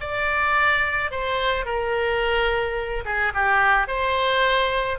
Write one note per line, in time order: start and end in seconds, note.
0.00 1.11 D5
1.11 1.65 C5
1.65 3.04 A#4
3.05 3.33 G#4
3.34 3.87 G4
3.87 4.98 C5